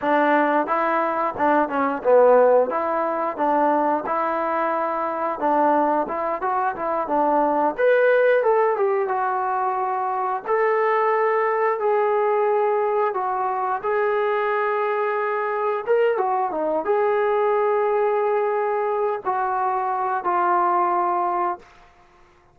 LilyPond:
\new Staff \with { instrumentName = "trombone" } { \time 4/4 \tempo 4 = 89 d'4 e'4 d'8 cis'8 b4 | e'4 d'4 e'2 | d'4 e'8 fis'8 e'8 d'4 b'8~ | b'8 a'8 g'8 fis'2 a'8~ |
a'4. gis'2 fis'8~ | fis'8 gis'2. ais'8 | fis'8 dis'8 gis'2.~ | gis'8 fis'4. f'2 | }